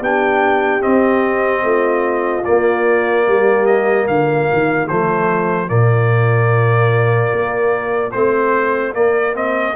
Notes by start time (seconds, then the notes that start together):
0.00 B3 D4 G4 G5
0.80 C4 D#5
1.63 A3 F4
2.44 A#3 D5
3.27 G3 G4
3.65 D#5
4.07 D3 F4 F5
4.52 D#3
4.87 F3 A3 C5
5.67 A#2 A#3 D5
7.32 A#3
8.11 A3 C4 C5
8.94 A#3 D5
9.33 C4 D#5